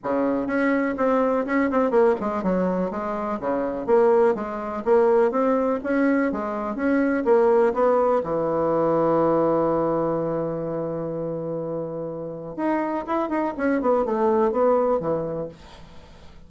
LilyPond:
\new Staff \with { instrumentName = "bassoon" } { \time 4/4 \tempo 4 = 124 cis4 cis'4 c'4 cis'8 c'8 | ais8 gis8 fis4 gis4 cis4 | ais4 gis4 ais4 c'4 | cis'4 gis4 cis'4 ais4 |
b4 e2.~ | e1~ | e2 dis'4 e'8 dis'8 | cis'8 b8 a4 b4 e4 | }